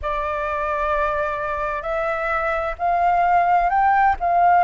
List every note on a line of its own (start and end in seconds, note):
0.02 1.82 D5
1.82 2.74 E5
2.78 3.69 F5
3.69 4.15 G5
4.20 4.64 F5